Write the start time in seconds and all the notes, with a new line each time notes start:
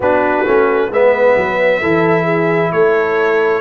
0.00 B3 D4 F#4 B4
0.46 A3 C#4
0.89 G#3 B3 B4 E5
1.36 F#3
1.80 E3 E4 A4
2.23 G#4
2.72 A3 A4 C#5